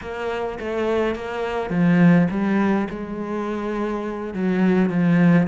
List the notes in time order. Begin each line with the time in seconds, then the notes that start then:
0.01 A#3
0.59 A3
1.15 A#3
1.70 F3
2.30 G3
2.90 G#3
4.33 F#3
4.89 F3